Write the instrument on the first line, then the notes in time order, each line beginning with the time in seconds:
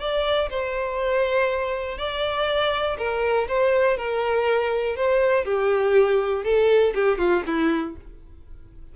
violin
0.00 D5
0.50 C5
1.98 D5
2.98 A#4
3.48 C5
3.97 A#4
4.96 C5
5.45 G4
6.44 A4
6.95 G4
7.18 F4
7.47 E4